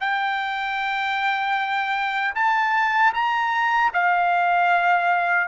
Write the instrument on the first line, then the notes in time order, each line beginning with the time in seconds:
trumpet
0.00 G5
2.35 A5
3.14 A#5
3.94 F5